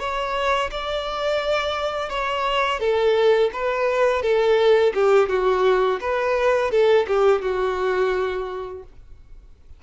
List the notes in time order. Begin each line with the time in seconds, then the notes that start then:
0.00 C#5
0.72 D5
2.10 C#5
2.80 A4
3.53 B4
4.23 A4
4.95 G4
5.30 F#4
6.01 B4
6.72 A4
7.08 G4
7.42 F#4